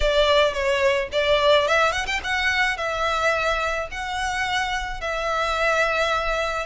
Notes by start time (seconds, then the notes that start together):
0.00 D5
0.53 C#5
1.11 D5
1.67 E5
1.92 F#5
2.06 G5
2.23 F#5
2.77 E5
3.91 F#5
5.01 E5